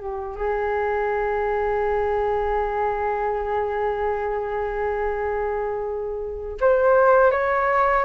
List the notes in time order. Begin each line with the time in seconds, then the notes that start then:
0.00 G4
0.36 G#4
6.60 C5
7.31 C#5